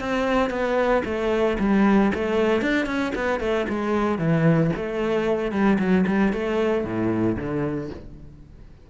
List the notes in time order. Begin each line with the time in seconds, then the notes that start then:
0.00 C4
0.50 B3
1.05 A3
1.59 G3
2.14 A3
2.61 D4
2.86 C#4
3.15 B3
3.40 A3
3.69 G#3
4.18 E3
4.76 A3
5.52 G3
5.79 F#3
6.07 G3
6.33 A3
6.84 A2
7.37 D3